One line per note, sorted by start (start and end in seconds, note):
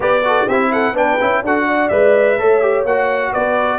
0.00 0.45 B3
0.00 0.21 G4
0.00 0.24 B4
0.00 0.48 D5
0.24 0.48 F#4
0.24 0.47 A4
0.47 0.93 C4
0.47 0.95 E4
0.47 0.70 G4
0.47 0.72 E5
0.72 0.95 A4
0.72 0.96 F#5
0.93 1.16 B3
0.93 1.18 D4
0.93 1.43 B4
0.93 1.44 G5
1.20 1.42 C#4
1.20 1.44 E4
1.42 1.90 D4
1.42 1.91 F#4
1.42 1.66 A4
1.42 1.89 F#5
1.66 2.37 D5
1.89 2.37 G#3
1.89 2.38 B4
1.89 2.84 E5
2.37 2.84 A3
2.37 2.61 A4
2.37 3.31 C#5
2.61 2.85 G4
2.84 3.32 A#3
2.84 3.79 F#4
2.84 3.33 F#5
3.31 3.79 B3
3.31 3.79 B4
3.31 3.79 D5